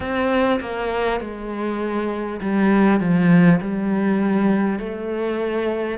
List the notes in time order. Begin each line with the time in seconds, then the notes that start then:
0.00 C4
0.60 A#3
1.20 G#3
2.41 G3
2.99 F3
3.60 G3
4.79 A3